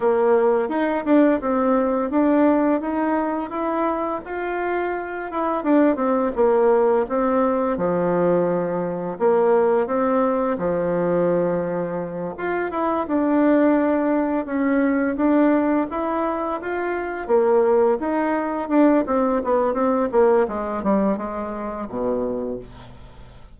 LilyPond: \new Staff \with { instrumentName = "bassoon" } { \time 4/4 \tempo 4 = 85 ais4 dis'8 d'8 c'4 d'4 | dis'4 e'4 f'4. e'8 | d'8 c'8 ais4 c'4 f4~ | f4 ais4 c'4 f4~ |
f4. f'8 e'8 d'4.~ | d'8 cis'4 d'4 e'4 f'8~ | f'8 ais4 dis'4 d'8 c'8 b8 | c'8 ais8 gis8 g8 gis4 b,4 | }